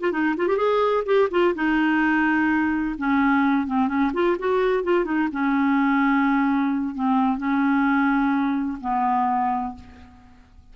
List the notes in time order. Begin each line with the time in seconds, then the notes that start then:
0.00 F4
0.12 D#4
0.36 F4
0.47 G4
0.57 G#4
1.05 G4
1.31 F4
1.55 D#4
2.98 C#4
3.66 C4
3.88 C#4
4.13 F4
4.38 F#4
4.83 F4
5.05 D#4
5.32 C#4
6.95 C4
7.37 C#4
8.81 B3